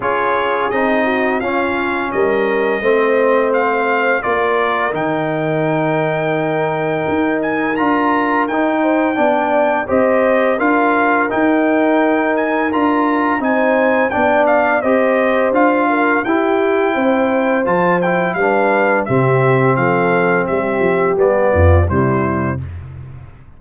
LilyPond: <<
  \new Staff \with { instrumentName = "trumpet" } { \time 4/4 \tempo 4 = 85 cis''4 dis''4 f''4 dis''4~ | dis''4 f''4 d''4 g''4~ | g''2~ g''8 gis''8 ais''4 | g''2 dis''4 f''4 |
g''4. gis''8 ais''4 gis''4 | g''8 f''8 dis''4 f''4 g''4~ | g''4 a''8 g''8 f''4 e''4 | f''4 e''4 d''4 c''4 | }
  \new Staff \with { instrumentName = "horn" } { \time 4/4 gis'4. fis'8 f'4 ais'4 | c''2 ais'2~ | ais'1~ | ais'8 c''8 d''4 c''4 ais'4~ |
ais'2. c''4 | d''4 c''4. ais'8 g'4 | c''2 b'4 g'4 | a'4 g'4. f'8 e'4 | }
  \new Staff \with { instrumentName = "trombone" } { \time 4/4 f'4 dis'4 cis'2 | c'2 f'4 dis'4~ | dis'2. f'4 | dis'4 d'4 g'4 f'4 |
dis'2 f'4 dis'4 | d'4 g'4 f'4 e'4~ | e'4 f'8 e'8 d'4 c'4~ | c'2 b4 g4 | }
  \new Staff \with { instrumentName = "tuba" } { \time 4/4 cis'4 c'4 cis'4 g4 | a2 ais4 dis4~ | dis2 dis'4 d'4 | dis'4 b4 c'4 d'4 |
dis'2 d'4 c'4 | b4 c'4 d'4 e'4 | c'4 f4 g4 c4 | f4 g8 f8 g8 f,8 c4 | }
>>